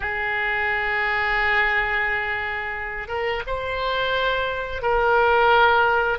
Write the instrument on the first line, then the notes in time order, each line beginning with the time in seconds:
oboe
0.00 G#4
3.08 A#4
3.46 C5
4.82 A#4